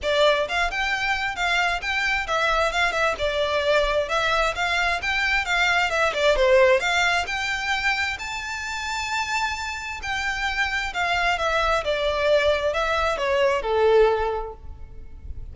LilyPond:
\new Staff \with { instrumentName = "violin" } { \time 4/4 \tempo 4 = 132 d''4 f''8 g''4. f''4 | g''4 e''4 f''8 e''8 d''4~ | d''4 e''4 f''4 g''4 | f''4 e''8 d''8 c''4 f''4 |
g''2 a''2~ | a''2 g''2 | f''4 e''4 d''2 | e''4 cis''4 a'2 | }